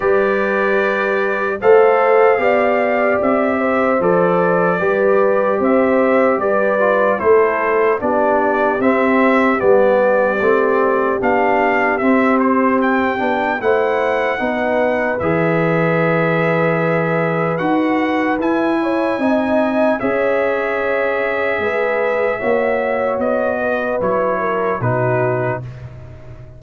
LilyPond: <<
  \new Staff \with { instrumentName = "trumpet" } { \time 4/4 \tempo 4 = 75 d''2 f''2 | e''4 d''2 e''4 | d''4 c''4 d''4 e''4 | d''2 f''4 e''8 c''8 |
g''4 fis''2 e''4~ | e''2 fis''4 gis''4~ | gis''4 e''2.~ | e''4 dis''4 cis''4 b'4 | }
  \new Staff \with { instrumentName = "horn" } { \time 4/4 b'2 c''4 d''4~ | d''8 c''4. b'4 c''4 | b'4 a'4 g'2~ | g'1~ |
g'4 c''4 b'2~ | b'2.~ b'8 cis''8 | dis''4 cis''2 b'4 | cis''4. b'4 ais'8 fis'4 | }
  \new Staff \with { instrumentName = "trombone" } { \time 4/4 g'2 a'4 g'4~ | g'4 a'4 g'2~ | g'8 f'8 e'4 d'4 c'4 | b4 c'4 d'4 c'4~ |
c'8 d'8 e'4 dis'4 gis'4~ | gis'2 fis'4 e'4 | dis'4 gis'2. | fis'2 e'4 dis'4 | }
  \new Staff \with { instrumentName = "tuba" } { \time 4/4 g2 a4 b4 | c'4 f4 g4 c'4 | g4 a4 b4 c'4 | g4 a4 b4 c'4~ |
c'8 b8 a4 b4 e4~ | e2 dis'4 e'4 | c'4 cis'2 gis4 | ais4 b4 fis4 b,4 | }
>>